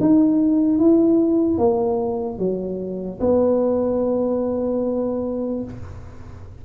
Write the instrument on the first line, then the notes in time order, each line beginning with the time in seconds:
tuba
0.00 D#4
0.79 E4
1.58 A#3
2.38 F#3
3.20 B3